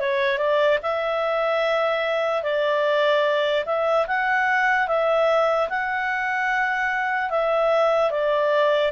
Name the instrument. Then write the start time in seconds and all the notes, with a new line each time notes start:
clarinet
0.00 C#5
0.38 D5
0.82 E5
2.43 D5
3.66 E5
4.07 F#5
4.88 E5
5.69 F#5
7.30 E5
8.11 D5